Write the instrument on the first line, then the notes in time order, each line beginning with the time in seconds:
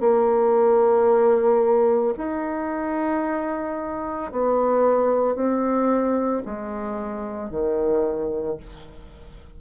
bassoon
0.00 A#3
2.17 D#4
4.31 B3
5.35 C4
6.45 G#3
7.50 D#3